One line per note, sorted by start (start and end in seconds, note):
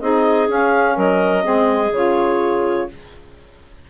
0.00 0.48 C4
0.00 0.48 D#4
0.00 0.95 G#4
0.00 0.48 D#5
0.48 1.43 C#4
0.48 0.96 C#4
0.48 0.98 F5
0.95 1.45 F#3
0.95 1.43 A#4
0.95 1.94 D#5
1.43 1.91 G#3
1.43 1.91 C4
1.43 2.88 G#4
1.91 2.87 C#3
1.91 2.90 F4
1.91 2.90 C#5